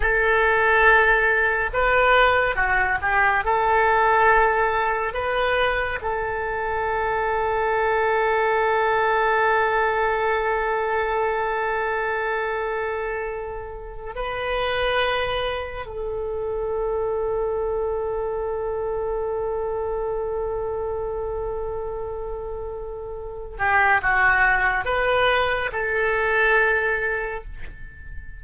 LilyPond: \new Staff \with { instrumentName = "oboe" } { \time 4/4 \tempo 4 = 70 a'2 b'4 fis'8 g'8 | a'2 b'4 a'4~ | a'1~ | a'1~ |
a'8 b'2 a'4.~ | a'1~ | a'2.~ a'8 g'8 | fis'4 b'4 a'2 | }